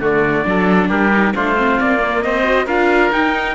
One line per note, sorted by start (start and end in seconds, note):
0.00 0.44 D3
0.00 0.45 A3
0.00 0.45 F#4
0.00 0.90 D5
0.45 0.89 F#3
0.45 1.11 D4
0.45 0.89 A4
0.89 1.34 G3
0.89 1.33 G4
0.89 1.34 A#4
1.12 1.34 D#4
1.35 1.80 A3
1.35 1.56 D4
1.35 2.24 F4
1.35 1.80 C5
1.56 1.98 C4
1.80 2.25 A#3
1.80 2.22 D5
1.98 2.42 A#3
2.22 2.67 C4
2.22 2.66 C5
2.22 2.67 D#5
2.44 2.66 F#4
2.66 3.11 D4
2.66 3.11 F4
2.66 3.55 A#4
2.66 3.12 F5
3.11 3.55 D#4
3.11 3.55 G5